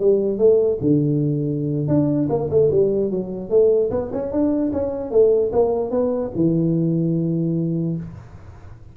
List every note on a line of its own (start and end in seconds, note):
0.00 0.38 G3
0.38 0.78 A3
0.81 1.88 D3
1.88 2.28 D4
2.29 2.49 A#3
2.50 2.70 A3
2.71 3.11 G3
3.11 3.50 F#3
3.50 3.90 A3
3.91 4.11 B3
4.13 4.32 C#4
4.32 4.72 D4
4.73 5.11 C#4
5.11 5.51 A3
5.52 5.91 A#3
5.91 6.31 B3
6.36 7.97 E3